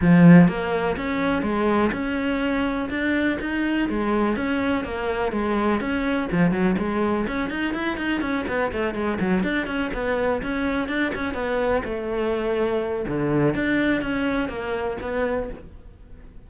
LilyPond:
\new Staff \with { instrumentName = "cello" } { \time 4/4 \tempo 4 = 124 f4 ais4 cis'4 gis4 | cis'2 d'4 dis'4 | gis4 cis'4 ais4 gis4 | cis'4 f8 fis8 gis4 cis'8 dis'8 |
e'8 dis'8 cis'8 b8 a8 gis8 fis8 d'8 | cis'8 b4 cis'4 d'8 cis'8 b8~ | b8 a2~ a8 d4 | d'4 cis'4 ais4 b4 | }